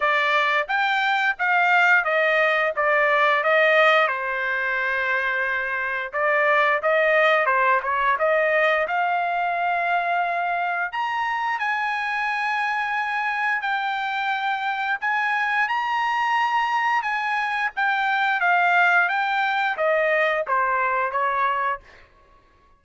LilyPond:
\new Staff \with { instrumentName = "trumpet" } { \time 4/4 \tempo 4 = 88 d''4 g''4 f''4 dis''4 | d''4 dis''4 c''2~ | c''4 d''4 dis''4 c''8 cis''8 | dis''4 f''2. |
ais''4 gis''2. | g''2 gis''4 ais''4~ | ais''4 gis''4 g''4 f''4 | g''4 dis''4 c''4 cis''4 | }